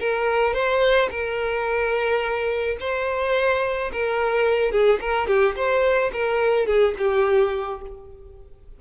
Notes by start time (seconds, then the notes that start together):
0.00 A#4
0.54 C5
1.10 A#4
2.80 C5
3.92 A#4
4.71 G#4
5.01 A#4
5.27 G4
5.56 C5
6.13 A#4
6.66 G#4
6.98 G4